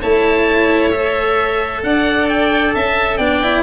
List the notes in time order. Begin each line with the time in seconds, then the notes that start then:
0.00 A3 E4 C#5 A5
0.90 A4 E5
1.83 D4 D5 F#5
2.28 G5
2.74 C#4 E5 A5
3.17 B3 D4 D5 G5
3.43 E4